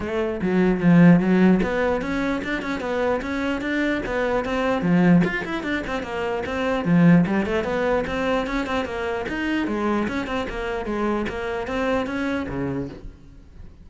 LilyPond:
\new Staff \with { instrumentName = "cello" } { \time 4/4 \tempo 4 = 149 a4 fis4 f4 fis4 | b4 cis'4 d'8 cis'8 b4 | cis'4 d'4 b4 c'4 | f4 f'8 e'8 d'8 c'8 ais4 |
c'4 f4 g8 a8 b4 | c'4 cis'8 c'8 ais4 dis'4 | gis4 cis'8 c'8 ais4 gis4 | ais4 c'4 cis'4 cis4 | }